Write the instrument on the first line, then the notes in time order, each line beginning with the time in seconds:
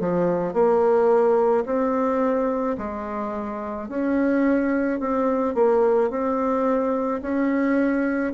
bassoon
0.00 F3
0.54 A#3
1.66 C4
2.78 G#3
3.89 C#4
5.00 C4
5.55 A#3
6.11 C4
7.22 C#4